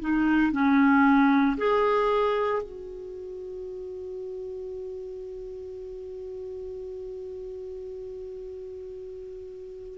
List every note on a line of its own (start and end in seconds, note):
0.00 0.52 D#4
0.52 1.57 C#4
1.57 2.62 G#4
2.62 9.98 F#4